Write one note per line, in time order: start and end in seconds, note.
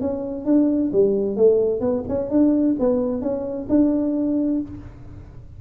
0.00 0.45 C#4
0.45 0.91 D4
0.92 1.36 G3
1.36 1.80 A3
1.80 2.03 B3
2.08 2.30 C#4
2.30 2.76 D4
2.79 3.21 B3
3.21 3.67 C#4
3.69 4.61 D4